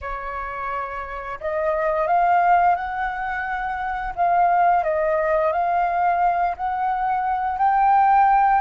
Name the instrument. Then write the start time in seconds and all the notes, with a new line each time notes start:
flute
0.01 C#5
1.40 D#5
2.07 F5
2.75 F#5
4.15 F5
4.83 D#5
5.52 F5
6.56 F#5
7.57 G5